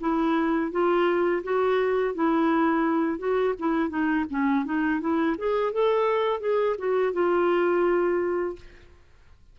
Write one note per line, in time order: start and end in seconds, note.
0.00 0.71 E4
0.71 1.43 F4
1.43 2.14 F#4
2.14 3.18 E4
3.18 3.54 F#4
3.59 3.89 E4
3.89 4.25 D#4
4.30 4.65 C#4
4.65 5.00 D#4
5.00 5.36 E4
5.37 5.72 G#4
5.72 6.40 A4
6.40 6.76 G#4
6.78 7.13 F#4
7.13 8.56 F4